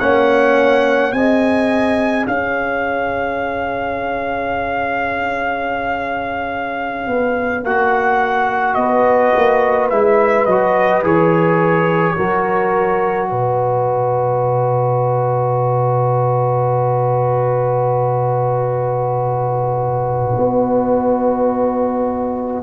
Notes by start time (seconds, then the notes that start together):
0.00 A#3 C#4 C#5 F#5
1.13 C4 G#4 D#5 G#5
2.26 C#4 C#5 F5
7.08 B3
7.64 A#3 F#4 F#5
8.75 B3 B4 D#5
9.36 A#3
9.90 G#3 E4 E5
10.46 F#3 F#4 D#5
11.03 E3 G#4 C#5
12.17 F#3 F#4 A#4
13.30 B2 B4 D#5
20.37 B3